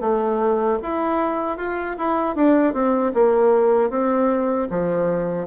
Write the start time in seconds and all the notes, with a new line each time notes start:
0.00 A3
0.82 E4
1.57 F4
1.98 E4
2.35 D4
2.73 C4
3.13 A#3
3.90 C4
4.70 F3